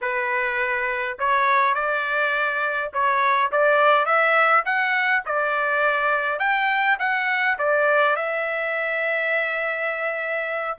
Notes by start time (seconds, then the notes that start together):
0.01 B4
1.18 C#5
1.74 D5
2.93 C#5
3.51 D5
4.05 E5
4.65 F#5
5.25 D5
6.39 G5
6.99 F#5
7.58 D5
8.16 E5